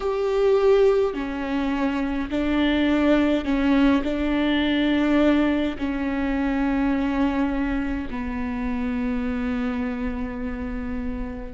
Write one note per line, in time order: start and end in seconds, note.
0.00 1.14 G4
1.14 2.29 C#4
2.30 3.45 D4
3.45 4.02 C#4
4.03 5.76 D4
5.77 8.08 C#4
8.10 11.54 B3